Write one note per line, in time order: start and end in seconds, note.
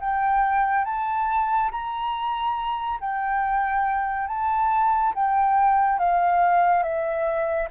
0.00 0.85 G5
0.85 1.71 A5
1.71 3.00 A#5
3.01 4.27 G5
4.27 5.13 A5
5.14 5.99 G5
5.99 6.83 F5
6.83 7.69 E5